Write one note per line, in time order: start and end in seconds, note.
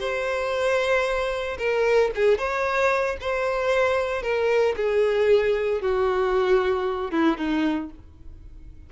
0.00 1.58 C5
1.59 2.11 A#4
2.15 2.38 G#4
2.38 3.17 C#5
3.21 4.23 C5
4.23 4.75 A#4
4.77 5.82 G#4
5.82 7.11 F#4
7.11 7.38 E4
7.38 7.90 D#4